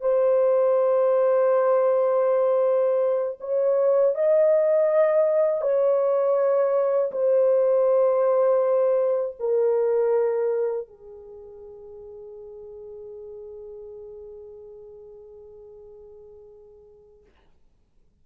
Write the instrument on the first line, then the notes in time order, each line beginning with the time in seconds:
horn
0.00 C5
3.40 C#5
4.15 D#5
5.61 C#5
7.11 C5
9.39 A#4
10.87 G#4